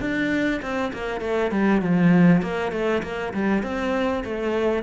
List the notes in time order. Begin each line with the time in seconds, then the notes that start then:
0.00 D4
0.62 C4
0.93 A#3
1.21 A3
1.51 G3
1.82 F3
2.42 A#3
2.72 A3
3.03 A#3
3.33 G3
3.63 C4
4.24 A3